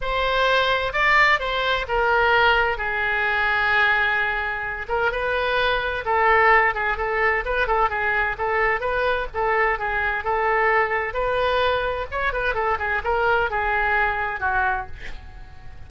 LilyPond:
\new Staff \with { instrumentName = "oboe" } { \time 4/4 \tempo 4 = 129 c''2 d''4 c''4 | ais'2 gis'2~ | gis'2~ gis'8 ais'8 b'4~ | b'4 a'4. gis'8 a'4 |
b'8 a'8 gis'4 a'4 b'4 | a'4 gis'4 a'2 | b'2 cis''8 b'8 a'8 gis'8 | ais'4 gis'2 fis'4 | }